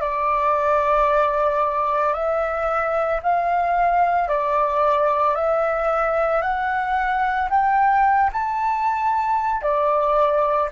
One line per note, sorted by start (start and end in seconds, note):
0.00 2.13 D5
2.13 3.20 E5
3.22 4.28 F5
4.28 5.35 D5
5.35 6.41 E5
6.41 7.49 F#5
7.50 8.30 G5
8.32 9.61 A5
9.61 10.69 D5